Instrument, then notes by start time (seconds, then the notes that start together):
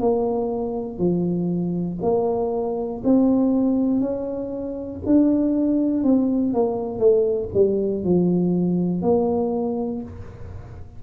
tuba
0.00 A#3
0.98 F3
2.02 A#3
3.04 C4
4.00 C#4
5.06 D4
6.03 C4
6.53 A#3
6.99 A3
7.54 G3
8.04 F3
9.02 A#3